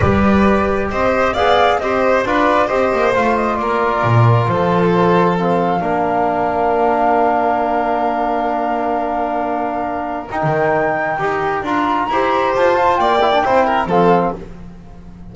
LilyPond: <<
  \new Staff \with { instrumentName = "flute" } { \time 4/4 \tempo 4 = 134 d''2 dis''4 f''4 | dis''4 d''4 dis''4 f''8 dis''8 | d''2 c''2 | f''1~ |
f''1~ | f''2. g''4~ | g''2 ais''2 | a''4 g''2 f''4 | }
  \new Staff \with { instrumentName = "violin" } { \time 4/4 b'2 c''4 d''4 | c''4 b'4 c''2 | ais'2 a'2~ | a'4 ais'2.~ |
ais'1~ | ais'1~ | ais'2. c''4~ | c''4 d''4 c''8 ais'8 a'4 | }
  \new Staff \with { instrumentName = "trombone" } { \time 4/4 g'2. gis'4 | g'4 f'4 g'4 f'4~ | f'1 | c'4 d'2.~ |
d'1~ | d'2. dis'4~ | dis'4 g'4 f'4 g'4~ | g'8 f'4 e'16 d'16 e'4 c'4 | }
  \new Staff \with { instrumentName = "double bass" } { \time 4/4 g2 c'4 b4 | c'4 d'4 c'8 ais8 a4 | ais4 ais,4 f2~ | f4 ais2.~ |
ais1~ | ais2. dis'16 dis8.~ | dis4 dis'4 d'4 e'4 | f'4 ais4 c'4 f4 | }
>>